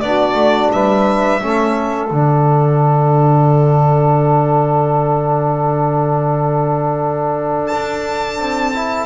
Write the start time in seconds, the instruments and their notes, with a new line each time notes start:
0.00 double bass B3, trombone D4, saxophone F#4, violin D5
0.34 double bass A3
0.72 double bass G3, saxophone B4, violin E5
1.40 double bass A3, trombone C#4, saxophone A4
2.10 double bass D3, trombone D4, violin F#5
7.67 violin A5
7.74 double bass D4
8.38 double bass C4
8.74 trombone E4